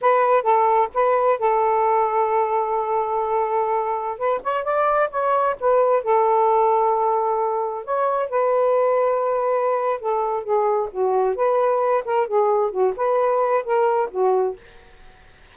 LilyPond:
\new Staff \with { instrumentName = "saxophone" } { \time 4/4 \tempo 4 = 132 b'4 a'4 b'4 a'4~ | a'1~ | a'4~ a'16 b'8 cis''8 d''4 cis''8.~ | cis''16 b'4 a'2~ a'8.~ |
a'4~ a'16 cis''4 b'4.~ b'16~ | b'2 a'4 gis'4 | fis'4 b'4. ais'8 gis'4 | fis'8 b'4. ais'4 fis'4 | }